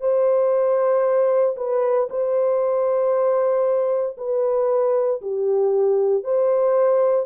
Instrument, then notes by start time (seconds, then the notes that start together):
horn
0.00 C5
1.57 B4
2.10 C5
4.17 B4
5.21 G4
6.24 C5